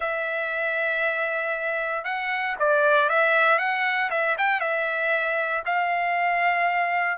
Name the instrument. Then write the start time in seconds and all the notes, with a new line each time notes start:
trumpet
0.00 E5
2.04 F#5
2.59 D5
3.09 E5
3.58 F#5
4.10 E5
4.38 G5
4.60 E5
5.65 F5